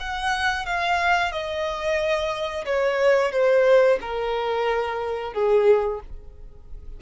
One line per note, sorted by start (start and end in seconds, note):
0.00 0.66 F#5
0.66 1.32 F5
1.32 2.65 D#5
2.65 3.32 C#5
3.32 3.98 C5
4.01 5.34 A#4
5.34 6.00 G#4